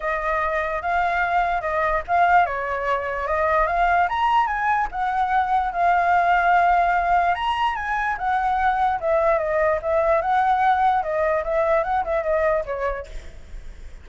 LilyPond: \new Staff \with { instrumentName = "flute" } { \time 4/4 \tempo 4 = 147 dis''2 f''2 | dis''4 f''4 cis''2 | dis''4 f''4 ais''4 gis''4 | fis''2 f''2~ |
f''2 ais''4 gis''4 | fis''2 e''4 dis''4 | e''4 fis''2 dis''4 | e''4 fis''8 e''8 dis''4 cis''4 | }